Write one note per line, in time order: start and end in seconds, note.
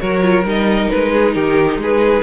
0.00 0.43 F#3
0.00 0.22 F#4
0.00 1.12 A#4
0.00 0.44 C#5
0.22 0.44 F4
0.43 0.88 G3
0.43 2.22 D#4
0.43 0.89 D#5
0.89 1.35 G#3
0.89 1.33 B4
1.13 1.34 G#4
1.33 1.77 D#3
1.33 1.79 G4
1.33 1.78 A#4
1.77 2.21 G#3
1.77 2.23 G#4
1.77 2.23 B4